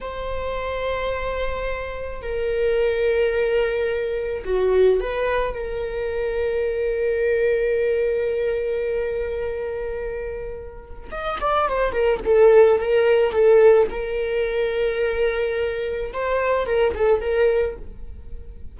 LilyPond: \new Staff \with { instrumentName = "viola" } { \time 4/4 \tempo 4 = 108 c''1 | ais'1 | fis'4 b'4 ais'2~ | ais'1~ |
ais'1 | dis''8 d''8 c''8 ais'8 a'4 ais'4 | a'4 ais'2.~ | ais'4 c''4 ais'8 a'8 ais'4 | }